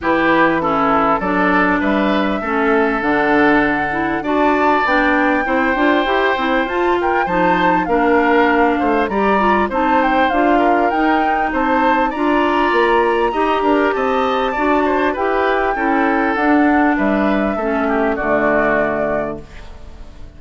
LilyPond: <<
  \new Staff \with { instrumentName = "flute" } { \time 4/4 \tempo 4 = 99 b'4 a'4 d''4 e''4~ | e''4 fis''2 a''4 | g''2. a''8 g''8 | a''4 f''2 ais''4 |
a''8 g''8 f''4 g''4 a''4 | ais''2. a''4~ | a''4 g''2 fis''4 | e''2 d''2 | }
  \new Staff \with { instrumentName = "oboe" } { \time 4/4 g'4 e'4 a'4 b'4 | a'2. d''4~ | d''4 c''2~ c''8 ais'8 | c''4 ais'4. c''8 d''4 |
c''4. ais'4. c''4 | d''2 dis''8 ais'8 dis''4 | d''8 c''8 b'4 a'2 | b'4 a'8 g'8 fis'2 | }
  \new Staff \with { instrumentName = "clarinet" } { \time 4/4 e'4 cis'4 d'2 | cis'4 d'4. e'8 fis'4 | d'4 e'8 f'8 g'8 e'8 f'4 | dis'4 d'2 g'8 f'8 |
dis'4 f'4 dis'2 | f'2 g'2 | fis'4 g'4 e'4 d'4~ | d'4 cis'4 a2 | }
  \new Staff \with { instrumentName = "bassoon" } { \time 4/4 e2 fis4 g4 | a4 d2 d'4 | b4 c'8 d'8 e'8 c'8 f'4 | f4 ais4. a8 g4 |
c'4 d'4 dis'4 c'4 | d'4 ais4 dis'8 d'8 c'4 | d'4 e'4 cis'4 d'4 | g4 a4 d2 | }
>>